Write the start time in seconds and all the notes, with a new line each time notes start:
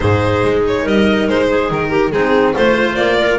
0.00 G#2 D#4 G#4 C5
0.43 G#3
0.66 C#5
0.82 G3 A#4 D#5
1.27 G#3 C5
1.49 G#4
1.70 D#3 A#4
1.89 G4
2.11 G#3 C4 D#4 G#4
2.55 A3 F4 C5
2.95 A#3 D5
3.18 A#4